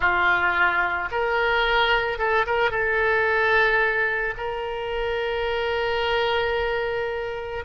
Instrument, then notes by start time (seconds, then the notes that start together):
oboe
0.00 F4
1.11 A#4
2.18 A4
2.46 A#4
2.70 A4
4.37 A#4